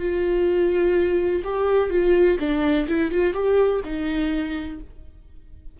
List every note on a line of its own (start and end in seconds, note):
0.00 1.43 F4
1.45 1.90 G4
1.90 2.38 F4
2.40 2.88 D4
2.88 3.12 E4
3.12 3.34 F4
3.34 3.82 G4
3.85 4.80 D#4